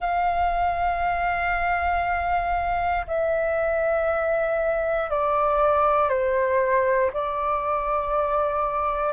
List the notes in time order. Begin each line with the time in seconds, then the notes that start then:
0.00 F5
3.07 E5
5.10 D5
6.09 C5
7.13 D5